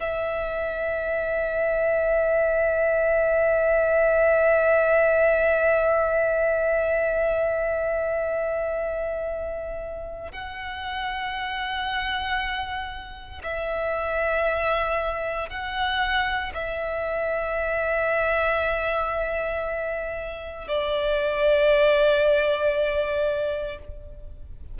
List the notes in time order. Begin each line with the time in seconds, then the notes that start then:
0.00 E5
10.32 F#5
13.43 E5
15.49 F#5
16.54 E5
20.68 D5